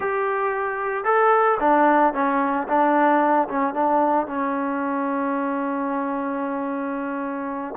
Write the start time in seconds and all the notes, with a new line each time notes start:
0.00 G4
1.04 A4
1.59 D4
2.13 C#4
2.67 D4
3.48 C#4
3.74 D4
4.26 C#4